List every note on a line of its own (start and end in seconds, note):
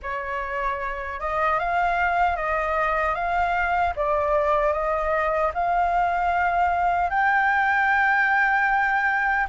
0.02 1.19 C#5
1.19 1.59 D#5
1.59 2.36 F5
2.36 3.14 D#5
3.14 3.93 F5
3.95 4.72 D5
4.72 5.51 D#5
5.53 7.10 F5
7.10 9.47 G5